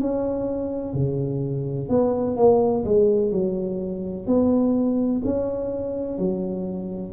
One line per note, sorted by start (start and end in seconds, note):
0.00 0.94 C#4
0.94 1.89 C#3
1.89 2.36 B3
2.37 2.84 A#3
2.84 3.32 G#3
3.32 4.27 F#3
4.27 5.22 B3
5.25 6.18 C#4
6.18 7.13 F#3